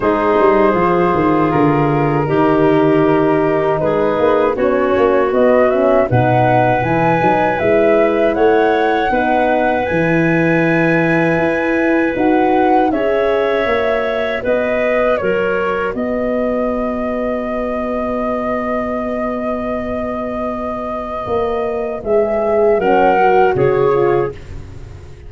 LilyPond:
<<
  \new Staff \with { instrumentName = "flute" } { \time 4/4 \tempo 4 = 79 c''2 ais'2~ | ais'4 b'4 cis''4 dis''8 e''8 | fis''4 gis''4 e''4 fis''4~ | fis''4 gis''2. |
fis''4 e''2 dis''4 | cis''4 dis''2.~ | dis''1~ | dis''4 e''4 fis''4 cis''4 | }
  \new Staff \with { instrumentName = "clarinet" } { \time 4/4 gis'2. g'4~ | g'4 gis'4 fis'2 | b'2. cis''4 | b'1~ |
b'4 cis''2 b'4 | ais'4 b'2.~ | b'1~ | b'2 ais'4 gis'4 | }
  \new Staff \with { instrumentName = "horn" } { \time 4/4 dis'4 f'2 dis'4~ | dis'2 cis'4 b8 cis'8 | dis'4 e'8 dis'8 e'2 | dis'4 e'2. |
fis'4 gis'4 fis'2~ | fis'1~ | fis'1~ | fis'4 gis'4 cis'8 fis'4 f'8 | }
  \new Staff \with { instrumentName = "tuba" } { \time 4/4 gis8 g8 f8 dis8 d4 dis4~ | dis4 gis8 ais8 b8 ais8 b4 | b,4 e8 fis8 gis4 a4 | b4 e2 e'4 |
dis'4 cis'4 ais4 b4 | fis4 b2.~ | b1 | ais4 gis4 fis4 cis4 | }
>>